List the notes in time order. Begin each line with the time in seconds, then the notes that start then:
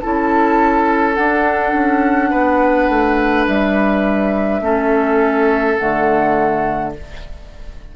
0.00 C#4 E4 A4 A5
1.14 D4 F#5
1.73 C#4
2.30 B3 B4
2.88 A3
3.47 G3 E5
4.61 A3 C#4 A4
5.76 D3 A3 F#5